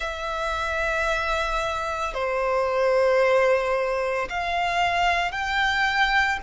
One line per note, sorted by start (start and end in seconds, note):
0.00 2.14 E5
2.14 4.28 C5
4.29 5.31 F5
5.31 6.38 G5